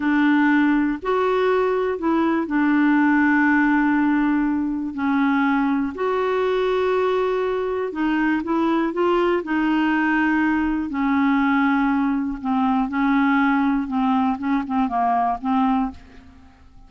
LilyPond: \new Staff \with { instrumentName = "clarinet" } { \time 4/4 \tempo 4 = 121 d'2 fis'2 | e'4 d'2.~ | d'2 cis'2 | fis'1 |
dis'4 e'4 f'4 dis'4~ | dis'2 cis'2~ | cis'4 c'4 cis'2 | c'4 cis'8 c'8 ais4 c'4 | }